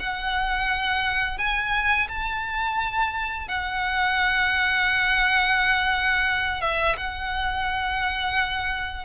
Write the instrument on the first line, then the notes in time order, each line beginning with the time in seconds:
violin
0.00 F#5
1.39 G#5
2.09 A5
3.48 F#5
6.62 E5
6.97 F#5